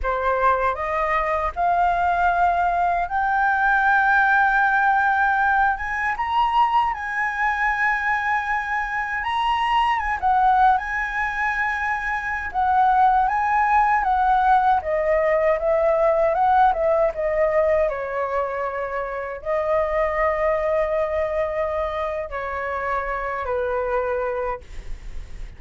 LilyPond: \new Staff \with { instrumentName = "flute" } { \time 4/4 \tempo 4 = 78 c''4 dis''4 f''2 | g''2.~ g''8 gis''8 | ais''4 gis''2. | ais''4 gis''16 fis''8. gis''2~ |
gis''16 fis''4 gis''4 fis''4 dis''8.~ | dis''16 e''4 fis''8 e''8 dis''4 cis''8.~ | cis''4~ cis''16 dis''2~ dis''8.~ | dis''4 cis''4. b'4. | }